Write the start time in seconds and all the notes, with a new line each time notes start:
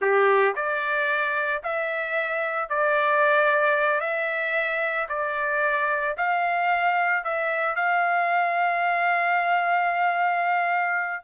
0.01 G4
0.55 D5
1.63 E5
2.69 D5
4.00 E5
5.08 D5
6.17 F5
7.23 E5
7.75 F5